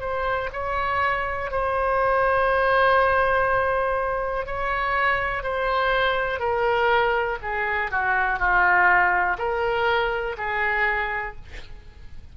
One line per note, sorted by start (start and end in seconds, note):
0.00 0.49 C5
0.53 1.51 C#5
1.51 4.46 C5
4.46 5.43 C#5
5.43 6.39 C5
6.39 7.38 A#4
7.42 7.91 G#4
7.91 8.39 F#4
8.39 9.37 F4
9.38 10.36 A#4
10.37 11.36 G#4